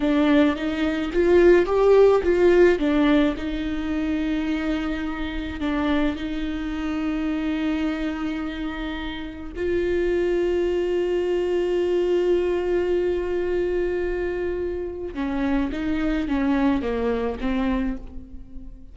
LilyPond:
\new Staff \with { instrumentName = "viola" } { \time 4/4 \tempo 4 = 107 d'4 dis'4 f'4 g'4 | f'4 d'4 dis'2~ | dis'2 d'4 dis'4~ | dis'1~ |
dis'4 f'2.~ | f'1~ | f'2. cis'4 | dis'4 cis'4 ais4 c'4 | }